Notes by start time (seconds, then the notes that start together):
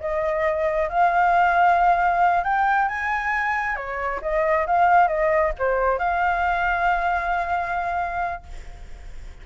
0.00 D#5
0.89 F5
2.43 G5
2.88 G#5
3.76 C#5
4.22 D#5
4.66 F5
5.07 D#5
5.58 C5
5.98 F5